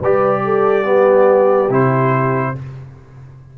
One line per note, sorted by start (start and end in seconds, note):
0.00 1.70 G3
0.00 0.85 G4
0.00 0.42 B4
0.00 1.73 D5
0.45 0.87 A4
0.85 1.69 B3
0.85 2.56 G4
1.70 2.54 C3
1.70 2.55 E4
1.70 2.58 C5